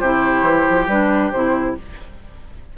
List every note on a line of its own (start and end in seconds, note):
0.00 0.42 C3
0.00 0.89 E4
0.00 1.75 G4
0.00 0.88 C5
0.42 0.64 E3
0.70 0.87 F3
0.87 1.31 G3
0.87 1.33 D4
0.87 1.31 B4
1.31 1.77 C3
1.31 1.78 E4
1.31 1.75 C5